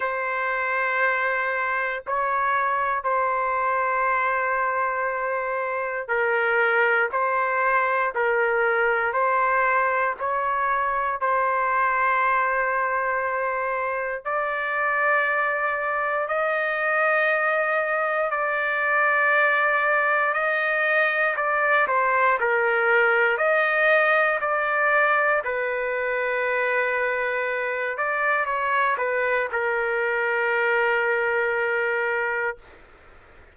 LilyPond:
\new Staff \with { instrumentName = "trumpet" } { \time 4/4 \tempo 4 = 59 c''2 cis''4 c''4~ | c''2 ais'4 c''4 | ais'4 c''4 cis''4 c''4~ | c''2 d''2 |
dis''2 d''2 | dis''4 d''8 c''8 ais'4 dis''4 | d''4 b'2~ b'8 d''8 | cis''8 b'8 ais'2. | }